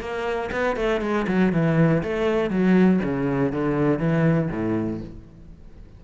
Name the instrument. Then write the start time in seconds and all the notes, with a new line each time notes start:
cello
0.00 A#3
0.52 B3
0.76 A3
1.01 G#3
1.27 F#3
1.52 E3
2.03 A3
2.50 F#3
3.03 C#3
3.52 D3
3.99 E3
4.50 A2